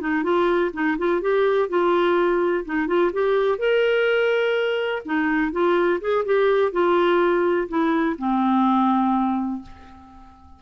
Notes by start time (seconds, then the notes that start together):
0.00 D#4
0.23 F4
0.73 D#4
0.98 F4
1.21 G4
1.69 F4
2.65 D#4
2.87 F4
3.13 G4
3.58 A#4
5.05 D#4
5.52 F4
6.01 G#4
6.25 G4
6.72 F4
7.68 E4
8.18 C4